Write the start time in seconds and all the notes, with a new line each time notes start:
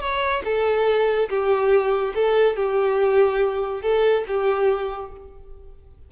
0.00 C#5
0.44 A4
1.29 G4
2.15 A4
2.56 G4
3.81 A4
4.27 G4